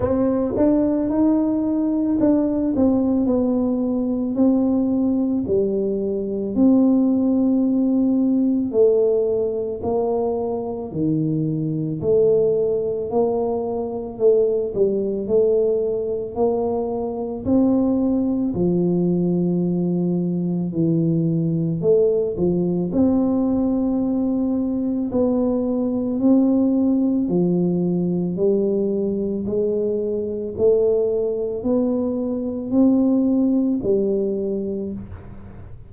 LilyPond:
\new Staff \with { instrumentName = "tuba" } { \time 4/4 \tempo 4 = 55 c'8 d'8 dis'4 d'8 c'8 b4 | c'4 g4 c'2 | a4 ais4 dis4 a4 | ais4 a8 g8 a4 ais4 |
c'4 f2 e4 | a8 f8 c'2 b4 | c'4 f4 g4 gis4 | a4 b4 c'4 g4 | }